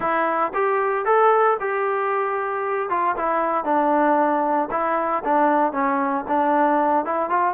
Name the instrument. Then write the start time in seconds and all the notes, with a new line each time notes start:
trombone
0.00 E4
0.54 G4
1.05 A4
1.60 G4
2.89 F4
3.16 E4
3.64 D4
4.71 E4
5.24 D4
5.72 C#4
6.28 D4
7.05 E4
7.29 F4